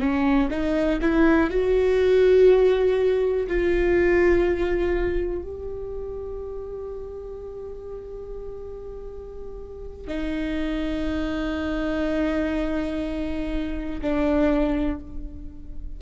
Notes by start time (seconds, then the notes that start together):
0.00 C#4
0.51 D#4
1.02 E4
1.51 F#4
3.48 F4
5.42 G4
10.08 D#4
14.02 D4